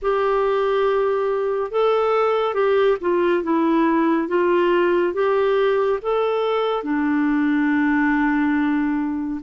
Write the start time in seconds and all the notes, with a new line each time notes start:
0.02 G4
1.71 A4
2.54 G4
3.00 F4
3.43 E4
4.27 F4
5.13 G4
6.02 A4
6.83 D4